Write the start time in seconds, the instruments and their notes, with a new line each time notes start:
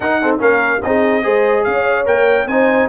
0.00 tuba D#4, trombone D#4, horn A#4, trumpet F#5
0.22 trombone C4, horn A4
0.38 tuba A#3, trombone C#4, horn A#4, trumpet F5
0.82 tuba C4, trombone D#4, horn G#4, trumpet D#5
1.22 tuba G#3, trombone G#4, horn C5
1.63 tuba C#4, horn C#5, trumpet F5
2.05 tuba A#3, trombone A#4, trumpet G5
2.46 tuba C4, trombone D#4, horn C5, trumpet G#5